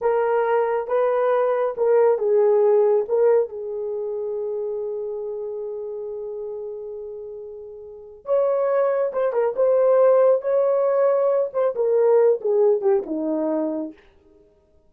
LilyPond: \new Staff \with { instrumentName = "horn" } { \time 4/4 \tempo 4 = 138 ais'2 b'2 | ais'4 gis'2 ais'4 | gis'1~ | gis'1~ |
gis'2. cis''4~ | cis''4 c''8 ais'8 c''2 | cis''2~ cis''8 c''8 ais'4~ | ais'8 gis'4 g'8 dis'2 | }